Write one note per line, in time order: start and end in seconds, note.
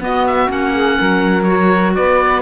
0.00 0.47 B3
0.00 0.48 B3
0.00 0.73 F#4
0.00 0.26 D#5
0.26 0.50 E5
0.47 0.97 A#3
0.47 1.44 C#4
0.47 1.43 F#5
0.73 0.97 G#4
0.98 1.97 F#3
0.98 1.94 A#4
1.43 2.41 F#4
1.43 1.91 C#5
1.95 2.41 B3
1.95 2.41 B4
1.95 2.41 D5